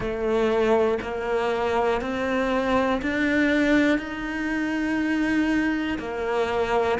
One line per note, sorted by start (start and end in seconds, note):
0.00 0.98 A3
1.02 2.01 A#3
2.01 3.01 C4
3.01 3.98 D4
3.98 5.98 D#4
5.98 6.98 A#3